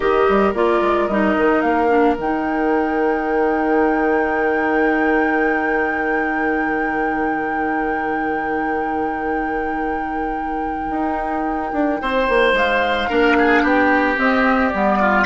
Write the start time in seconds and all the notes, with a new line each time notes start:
0.00 D#3 G4 A#4 D#5
0.29 G3
0.53 A#3 F4 D5
0.81 G#3
1.07 G3 D#4 D#5
1.37 D#3
1.61 A#3 F5
1.89 D4
2.18 D#3 D#4 G5
10.90 D#4
11.72 D4
12.01 C4 C5
12.29 A#3
12.52 G#3 F5
13.09 A#3 D4 A#4
13.38 G#4
13.62 B3 G4 G5
14.17 C4 D#5
14.68 G3 D5
14.74 B3
15.00 F4